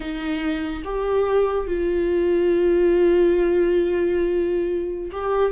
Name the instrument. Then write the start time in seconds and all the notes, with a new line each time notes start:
viola
0.00 D#4
0.84 G4
1.67 F4
5.11 G4